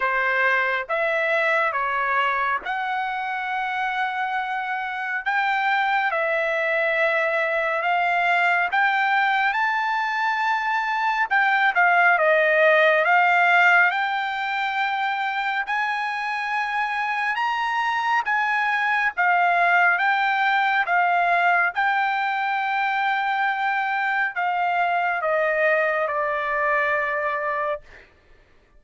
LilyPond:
\new Staff \with { instrumentName = "trumpet" } { \time 4/4 \tempo 4 = 69 c''4 e''4 cis''4 fis''4~ | fis''2 g''4 e''4~ | e''4 f''4 g''4 a''4~ | a''4 g''8 f''8 dis''4 f''4 |
g''2 gis''2 | ais''4 gis''4 f''4 g''4 | f''4 g''2. | f''4 dis''4 d''2 | }